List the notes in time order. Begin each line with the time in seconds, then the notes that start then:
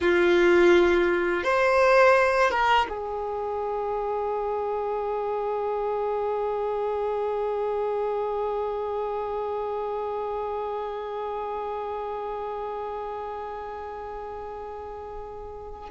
0.00 F4
1.43 C5
2.50 A#4
2.89 G#4